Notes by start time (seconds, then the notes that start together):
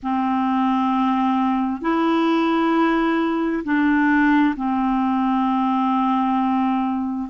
0.02 C4
1.81 E4
3.64 D4
4.56 C4